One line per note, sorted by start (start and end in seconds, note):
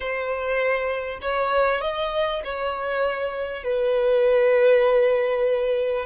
0.00 1.19 C5
1.21 1.81 C#5
1.81 2.42 D#5
2.44 3.63 C#5
3.63 6.05 B4